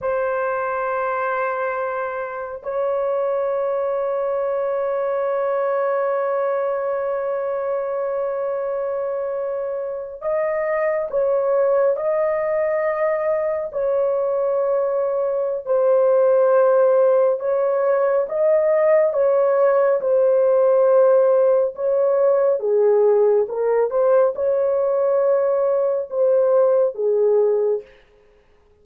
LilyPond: \new Staff \with { instrumentName = "horn" } { \time 4/4 \tempo 4 = 69 c''2. cis''4~ | cis''1~ | cis''2.~ cis''8. dis''16~ | dis''8. cis''4 dis''2 cis''16~ |
cis''2 c''2 | cis''4 dis''4 cis''4 c''4~ | c''4 cis''4 gis'4 ais'8 c''8 | cis''2 c''4 gis'4 | }